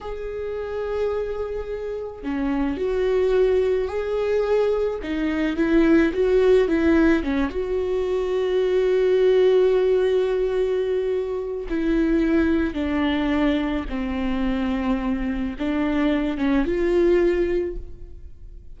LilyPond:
\new Staff \with { instrumentName = "viola" } { \time 4/4 \tempo 4 = 108 gis'1 | cis'4 fis'2 gis'4~ | gis'4 dis'4 e'4 fis'4 | e'4 cis'8 fis'2~ fis'8~ |
fis'1~ | fis'4 e'2 d'4~ | d'4 c'2. | d'4. cis'8 f'2 | }